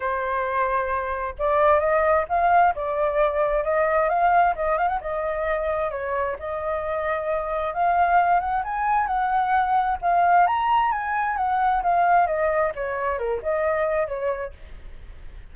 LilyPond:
\new Staff \with { instrumentName = "flute" } { \time 4/4 \tempo 4 = 132 c''2. d''4 | dis''4 f''4 d''2 | dis''4 f''4 dis''8 f''16 fis''16 dis''4~ | dis''4 cis''4 dis''2~ |
dis''4 f''4. fis''8 gis''4 | fis''2 f''4 ais''4 | gis''4 fis''4 f''4 dis''4 | cis''4 ais'8 dis''4. cis''4 | }